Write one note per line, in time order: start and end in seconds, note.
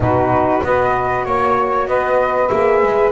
0.00 0.61 B2
0.00 0.60 D#4
0.00 0.65 F#4
0.00 0.63 B4
0.60 1.25 B3
0.60 2.48 F#4
0.60 1.26 B4
0.60 1.24 D#5
1.24 1.87 A#3
1.24 1.86 C#5
1.24 1.88 C#5
1.87 2.50 B3
1.87 3.11 B4
1.87 2.48 D#5
2.48 2.82 A#3
2.48 3.11 G#4
2.48 3.10 E5
2.82 3.11 G#3